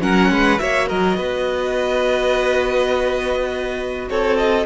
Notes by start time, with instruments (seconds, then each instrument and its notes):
0.00 cello F#3, viola C#4, violin A#4 F#5
0.30 cello G#3, violin B4
0.59 cello A#3, viola F#4, violin C#5 E5
0.88 cello F#3, violin A#4 D#5
1.17 cello B3, violin B4
4.09 cello C4, violin A4 C#5
4.37 violin D#5